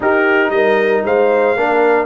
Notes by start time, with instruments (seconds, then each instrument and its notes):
0.00 tuba D#4, trombone D#4, horn G4, trumpet A#4
0.49 tuba G3, horn A#4, trumpet D#5
1.04 tuba G#3, horn C5, trumpet F5
1.56 tuba A#3, trombone D4, horn A#4